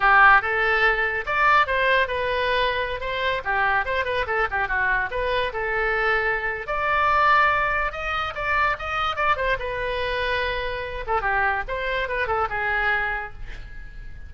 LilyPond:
\new Staff \with { instrumentName = "oboe" } { \time 4/4 \tempo 4 = 144 g'4 a'2 d''4 | c''4 b'2~ b'16 c''8.~ | c''16 g'4 c''8 b'8 a'8 g'8 fis'8.~ | fis'16 b'4 a'2~ a'8. |
d''2. dis''4 | d''4 dis''4 d''8 c''8 b'4~ | b'2~ b'8 a'8 g'4 | c''4 b'8 a'8 gis'2 | }